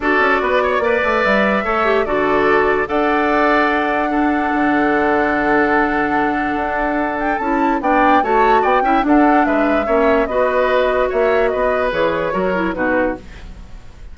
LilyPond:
<<
  \new Staff \with { instrumentName = "flute" } { \time 4/4 \tempo 4 = 146 d''2. e''4~ | e''4 d''2 fis''4~ | fis''1~ | fis''1~ |
fis''4. g''8 a''4 g''4 | a''4 g''4 fis''4 e''4~ | e''4 dis''2 e''4 | dis''4 cis''2 b'4 | }
  \new Staff \with { instrumentName = "oboe" } { \time 4/4 a'4 b'8 cis''8 d''2 | cis''4 a'2 d''4~ | d''2 a'2~ | a'1~ |
a'2. d''4 | cis''4 d''8 e''8 a'4 b'4 | cis''4 b'2 cis''4 | b'2 ais'4 fis'4 | }
  \new Staff \with { instrumentName = "clarinet" } { \time 4/4 fis'2 b'2 | a'8 g'8 fis'2 a'4~ | a'2 d'2~ | d'1~ |
d'2 e'4 d'4 | fis'4. e'8 d'2 | cis'4 fis'2.~ | fis'4 gis'4 fis'8 e'8 dis'4 | }
  \new Staff \with { instrumentName = "bassoon" } { \time 4/4 d'8 cis'8 b4 ais8 a8 g4 | a4 d2 d'4~ | d'2. d4~ | d1 |
d'2 cis'4 b4 | a4 b8 cis'8 d'4 gis4 | ais4 b2 ais4 | b4 e4 fis4 b,4 | }
>>